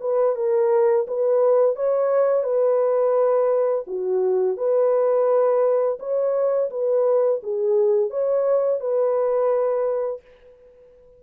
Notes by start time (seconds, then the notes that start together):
0.00 B4
0.35 A#4
1.07 B4
1.76 C#5
2.43 B4
3.87 F#4
4.57 B4
5.99 C#5
6.70 B4
7.43 G#4
8.10 C#5
8.80 B4